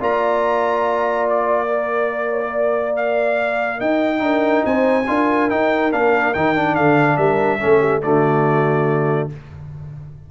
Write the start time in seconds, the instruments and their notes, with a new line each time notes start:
0.00 tuba A#3, trombone F4, horn D5, trumpet A#5
1.29 trumpet D5
1.68 trombone A#4
2.30 horn C#5
2.48 horn D5
2.97 trumpet F5
3.79 tuba D#4, horn D#5, trumpet G5
4.19 tuba D4, trombone D#4, horn A#4
4.65 tuba C4, horn C5, trumpet G#5
5.08 tuba D4, trombone F4, horn A#4
5.50 trombone D#4, tuba D#4, trumpet G5
5.92 tuba A#3, trombone D4, trumpet F5
6.34 tuba D#3, trombone D#4, trumpet G5
6.56 trombone D4
6.75 tuba D3, horn A4, trumpet F5
7.17 tuba G3, horn A#4, trumpet E5
7.60 tuba A3, trombone C#4, horn A4
7.80 horn G4
8.03 tuba D3, trombone A3, horn F#4, trumpet D5